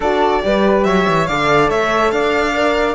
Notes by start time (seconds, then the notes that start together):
0.00 D4 F#4 A4 D5
0.42 G3 G4 B4
0.84 F#3 C#5 E5
1.08 E3
1.26 D3 A4 D5 F5
1.70 A3 C#5 E5
2.10 D4 D5 F5
2.53 A#4